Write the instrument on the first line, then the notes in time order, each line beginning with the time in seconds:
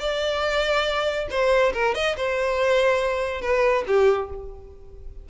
violin
0.00 D5
1.30 C5
1.74 A#4
1.94 D#5
2.16 C5
3.42 B4
3.87 G4